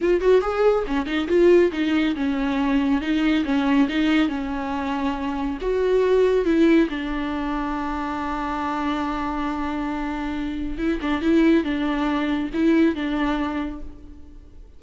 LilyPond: \new Staff \with { instrumentName = "viola" } { \time 4/4 \tempo 4 = 139 f'8 fis'8 gis'4 cis'8 dis'8 f'4 | dis'4 cis'2 dis'4 | cis'4 dis'4 cis'2~ | cis'4 fis'2 e'4 |
d'1~ | d'1~ | d'4 e'8 d'8 e'4 d'4~ | d'4 e'4 d'2 | }